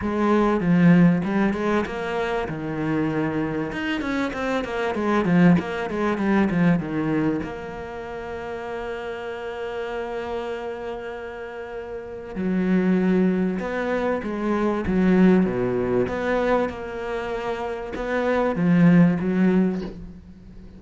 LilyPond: \new Staff \with { instrumentName = "cello" } { \time 4/4 \tempo 4 = 97 gis4 f4 g8 gis8 ais4 | dis2 dis'8 cis'8 c'8 ais8 | gis8 f8 ais8 gis8 g8 f8 dis4 | ais1~ |
ais1 | fis2 b4 gis4 | fis4 b,4 b4 ais4~ | ais4 b4 f4 fis4 | }